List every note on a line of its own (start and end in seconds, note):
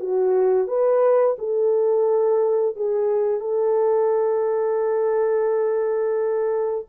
0.00 0.68 F#4
0.68 1.37 B4
1.39 2.76 A4
2.76 3.41 G#4
3.41 6.86 A4